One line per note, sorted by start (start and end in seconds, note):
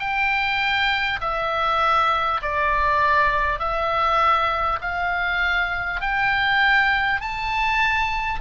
0.00 1.20 G5
1.21 2.41 E5
2.42 3.59 D5
3.59 4.79 E5
4.81 6.01 F5
6.01 7.21 G5
7.21 8.41 A5